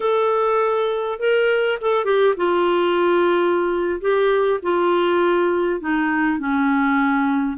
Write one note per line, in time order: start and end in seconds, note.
0.00 1.19 A4
1.19 1.78 A#4
1.81 2.04 A4
2.04 2.34 G4
2.37 4.00 F4
4.00 4.60 G4
4.62 5.80 F4
5.80 6.39 D#4
6.39 7.57 C#4